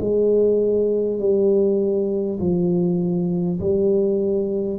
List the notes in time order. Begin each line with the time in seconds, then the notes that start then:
0.00 G#3
1.19 G3
2.40 F3
3.60 G3